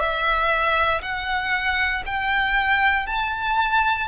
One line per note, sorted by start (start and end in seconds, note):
0.00 1.02 E5
1.02 2.04 F#5
2.06 3.07 G5
3.07 4.09 A5